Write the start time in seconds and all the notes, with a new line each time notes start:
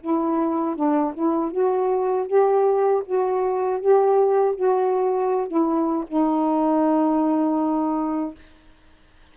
0.00 E4
0.75 D4
1.14 E4
1.51 F#4
2.26 G4
3.05 F#4
3.80 G4
4.55 F#4
5.47 E4
6.07 D#4